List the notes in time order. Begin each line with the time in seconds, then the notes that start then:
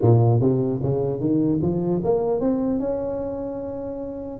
0.01 A#2
0.40 C3
0.82 C#3
1.20 D#3
1.61 F3
2.04 A#3
2.40 C4
2.79 C#4